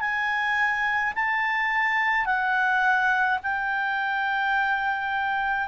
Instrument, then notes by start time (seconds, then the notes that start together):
clarinet
0.00 G#5
1.15 A5
2.25 F#5
3.43 G5